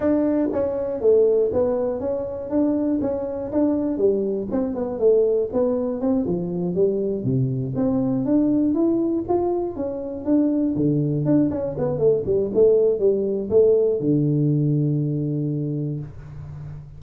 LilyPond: \new Staff \with { instrumentName = "tuba" } { \time 4/4 \tempo 4 = 120 d'4 cis'4 a4 b4 | cis'4 d'4 cis'4 d'4 | g4 c'8 b8 a4 b4 | c'8 f4 g4 c4 c'8~ |
c'8 d'4 e'4 f'4 cis'8~ | cis'8 d'4 d4 d'8 cis'8 b8 | a8 g8 a4 g4 a4 | d1 | }